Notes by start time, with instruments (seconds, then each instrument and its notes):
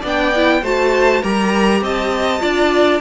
0.00 cello B3, viola D4, violin D5
0.07 violin G5
0.35 viola E4
0.62 cello A3, viola F#4, violin C5 A5
1.22 cello G3, viola G4, violin A#4 A#5
1.81 cello C4, violin D#5 A5
2.40 cello D4, viola F4, violin D5